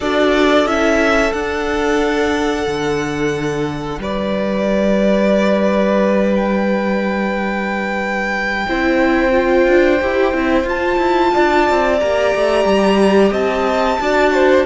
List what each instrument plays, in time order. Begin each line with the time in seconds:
0.00 cello D4, viola F#4, violin A4 D5
0.65 cello C#4, viola E4, violin E5
1.30 viola D4, cello D4, violin F#5
2.66 cello D3
3.98 cello G3, violin B4 D5
6.34 violin G5
8.67 cello C4, viola E4, violin C5
9.32 viola F4
9.67 cello D4
10.01 cello E4, viola G4
10.33 cello C4, viola E4
10.63 cello F4, viola F4, violin A5
10.97 cello E4
11.33 cello D4, violin D5
11.69 cello C4
11.99 cello A#3, viola G4, violin A#5
12.35 cello A3
12.64 cello G3
13.31 cello C4, violin D#5 A5
13.99 cello D4, viola F#4, violin D5
14.33 violin C5